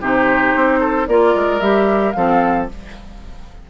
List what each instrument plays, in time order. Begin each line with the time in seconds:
0.00 bassoon C3, clarinet D#4, oboe G4, flute C5
0.55 bassoon C4
0.80 oboe A4
1.07 bassoon A#3, clarinet F4, oboe A#4, flute D5
1.35 bassoon G#3
1.60 bassoon G3, clarinet G4, flute E5
2.12 bassoon F3, clarinet C4, oboe A4, flute F5